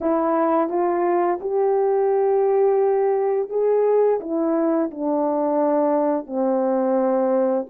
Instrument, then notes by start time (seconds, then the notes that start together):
horn
0.00 E4
0.69 F4
1.40 G4
3.49 G#4
4.20 E4
4.91 D4
6.26 C4